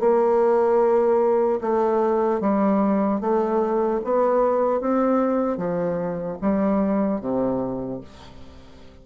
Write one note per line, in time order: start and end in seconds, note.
0.00 1.60 A#3
1.61 2.41 A3
2.41 3.21 G3
3.21 4.01 A3
4.04 4.81 B3
4.81 5.58 C4
5.58 6.38 F3
6.42 7.21 G3
7.21 8.01 C3